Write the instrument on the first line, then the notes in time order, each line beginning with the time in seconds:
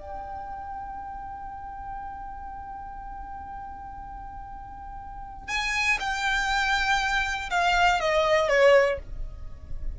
violin
0.00 G5
5.49 G#5
6.00 G5
7.51 F5
8.01 D#5
8.49 C#5